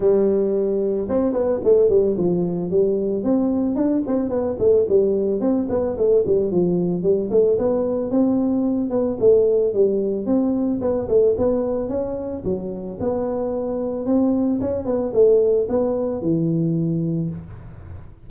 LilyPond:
\new Staff \with { instrumentName = "tuba" } { \time 4/4 \tempo 4 = 111 g2 c'8 b8 a8 g8 | f4 g4 c'4 d'8 c'8 | b8 a8 g4 c'8 b8 a8 g8 | f4 g8 a8 b4 c'4~ |
c'8 b8 a4 g4 c'4 | b8 a8 b4 cis'4 fis4 | b2 c'4 cis'8 b8 | a4 b4 e2 | }